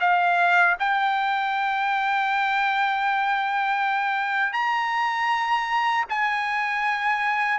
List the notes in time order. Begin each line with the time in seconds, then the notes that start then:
0.00 F5
0.79 G5
4.53 A#5
6.09 G#5